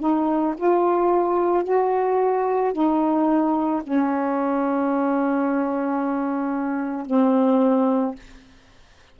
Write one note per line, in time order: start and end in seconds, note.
0.00 0.55 D#4
0.57 1.64 F4
1.64 2.73 F#4
2.73 3.82 D#4
3.83 7.06 C#4
7.06 8.15 C4